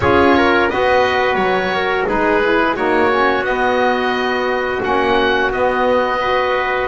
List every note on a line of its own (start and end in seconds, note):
0.00 0.69 C#4
0.00 0.70 F4
0.00 0.36 G#4
0.00 0.69 C#5
0.36 0.71 A#4
0.69 1.35 B3
0.69 2.07 F#4
0.69 1.74 B4
0.69 1.35 D#5
1.35 2.04 F#3
1.35 2.04 C#5
1.74 2.07 A#4
2.07 2.77 G#3
2.07 2.41 D#4
2.07 2.76 G#4
2.07 2.75 B4
2.42 2.75 E4
2.75 3.41 A#3
2.75 3.10 D#4
2.75 6.20 F#4
2.75 3.44 C#5
3.10 3.44 C#4
3.41 4.79 B3
3.41 4.81 B3
3.41 4.82 D#5
4.81 5.51 A#3
4.81 5.50 C#4
4.81 5.52 F#5
5.51 6.87 B3
5.51 6.20 B3
5.51 6.87 D#5
6.20 6.87 F#4
6.20 6.87 B4